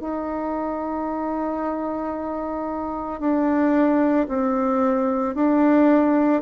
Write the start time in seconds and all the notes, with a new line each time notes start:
0.00 D#4
3.20 D4
4.29 C4
5.35 D4